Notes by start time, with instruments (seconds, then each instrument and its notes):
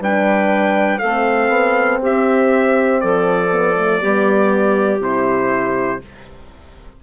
0.00 bassoon G3, horn D4, clarinet B4, trumpet G5
0.98 bassoon A3, horn C4, clarinet A4, trumpet F5
1.49 bassoon B3
2.01 bassoon C4, clarinet G4, trumpet E5
3.00 bassoon F3, clarinet A4, trumpet D5
3.51 horn B3
3.75 horn A3
4.00 bassoon G3, horn B3, clarinet G4
4.99 bassoon C3, horn E4, trumpet C5